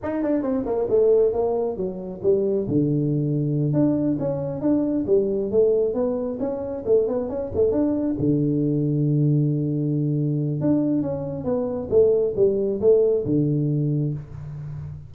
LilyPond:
\new Staff \with { instrumentName = "tuba" } { \time 4/4 \tempo 4 = 136 dis'8 d'8 c'8 ais8 a4 ais4 | fis4 g4 d2~ | d8 d'4 cis'4 d'4 g8~ | g8 a4 b4 cis'4 a8 |
b8 cis'8 a8 d'4 d4.~ | d1 | d'4 cis'4 b4 a4 | g4 a4 d2 | }